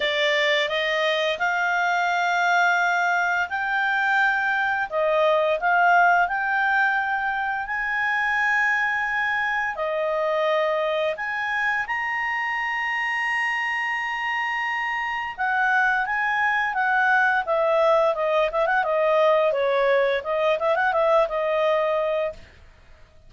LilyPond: \new Staff \with { instrumentName = "clarinet" } { \time 4/4 \tempo 4 = 86 d''4 dis''4 f''2~ | f''4 g''2 dis''4 | f''4 g''2 gis''4~ | gis''2 dis''2 |
gis''4 ais''2.~ | ais''2 fis''4 gis''4 | fis''4 e''4 dis''8 e''16 fis''16 dis''4 | cis''4 dis''8 e''16 fis''16 e''8 dis''4. | }